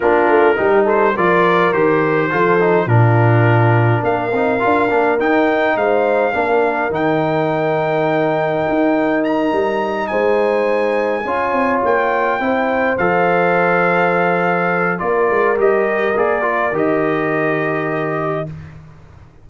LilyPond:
<<
  \new Staff \with { instrumentName = "trumpet" } { \time 4/4 \tempo 4 = 104 ais'4. c''8 d''4 c''4~ | c''4 ais'2 f''4~ | f''4 g''4 f''2 | g''1 |
ais''4. gis''2~ gis''8~ | gis''8 g''2 f''4.~ | f''2 d''4 dis''4 | d''4 dis''2. | }
  \new Staff \with { instrumentName = "horn" } { \time 4/4 f'4 g'8 a'8 ais'2 | a'4 f'2 ais'4~ | ais'2 c''4 ais'4~ | ais'1~ |
ais'4. c''2 cis''8~ | cis''4. c''2~ c''8~ | c''2 ais'2~ | ais'1 | }
  \new Staff \with { instrumentName = "trombone" } { \time 4/4 d'4 dis'4 f'4 g'4 | f'8 dis'8 d'2~ d'8 dis'8 | f'8 d'8 dis'2 d'4 | dis'1~ |
dis'2.~ dis'8 f'8~ | f'4. e'4 a'4.~ | a'2 f'4 g'4 | gis'8 f'8 g'2. | }
  \new Staff \with { instrumentName = "tuba" } { \time 4/4 ais8 a8 g4 f4 dis4 | f4 ais,2 ais8 c'8 | d'8 ais8 dis'4 gis4 ais4 | dis2. dis'4~ |
dis'8 g4 gis2 cis'8 | c'8 ais4 c'4 f4.~ | f2 ais8 gis8 g4 | ais4 dis2. | }
>>